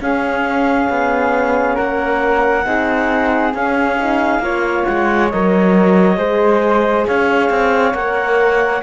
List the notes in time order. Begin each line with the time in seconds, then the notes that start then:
0.00 C#4 G#4 F5
0.89 B3
1.75 A#3 A#4 F#5
2.64 C4 D#4 G#4
3.53 C#4 F5
4.00 D#4
4.39 A#3 F4 C#5
4.84 G#3 F#5
5.29 F#3 A#4 D#5
6.17 G#3 G#4 C5
7.07 C#4 C#5 F5
7.50 C4
7.94 A#3 A#4 F#5